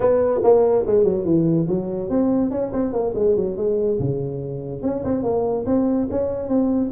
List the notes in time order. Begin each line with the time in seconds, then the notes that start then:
0.00 B3
0.43 A#3
0.86 G#3
1.03 F#3
1.24 E3
1.68 F#3
2.09 C4
2.51 C#4
2.72 C4
2.92 A#3
3.14 G#3
3.35 F#3
3.56 G#3
3.99 C#3
4.82 C#4
5.04 C4
5.23 A#3
5.65 C4
6.10 C#4
6.48 C4